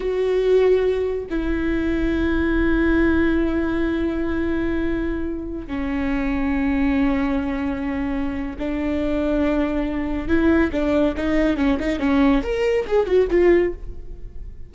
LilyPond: \new Staff \with { instrumentName = "viola" } { \time 4/4 \tempo 4 = 140 fis'2. e'4~ | e'1~ | e'1~ | e'4~ e'16 cis'2~ cis'8.~ |
cis'1 | d'1 | e'4 d'4 dis'4 cis'8 dis'8 | cis'4 ais'4 gis'8 fis'8 f'4 | }